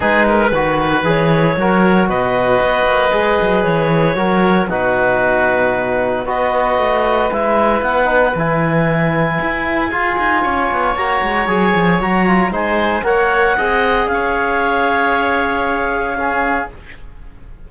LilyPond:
<<
  \new Staff \with { instrumentName = "clarinet" } { \time 4/4 \tempo 4 = 115 b'2 cis''2 | dis''2. cis''4~ | cis''4 b'2. | dis''2 e''4 fis''4 |
gis''1~ | gis''4 ais''4 gis''4 ais''4 | gis''4 fis''2 f''4~ | f''1 | }
  \new Staff \with { instrumentName = "oboe" } { \time 4/4 gis'8 ais'8 b'2 ais'4 | b'1 | ais'4 fis'2. | b'1~ |
b'2. gis'4 | cis''1 | c''4 cis''4 dis''4 cis''4~ | cis''2. gis'4 | }
  \new Staff \with { instrumentName = "trombone" } { \time 4/4 dis'4 fis'4 gis'4 fis'4~ | fis'2 gis'2 | fis'4 dis'2. | fis'2 e'4. dis'8 |
e'2. f'4~ | f'4 fis'4 gis'4 fis'8 f'8 | dis'4 ais'4 gis'2~ | gis'2. cis'4 | }
  \new Staff \with { instrumentName = "cello" } { \time 4/4 gis4 dis4 e4 fis4 | b,4 b8 ais8 gis8 fis8 e4 | fis4 b,2. | b4 a4 gis4 b4 |
e2 e'4 f'8 dis'8 | cis'8 b8 ais8 gis8 fis8 f8 fis4 | gis4 ais4 c'4 cis'4~ | cis'1 | }
>>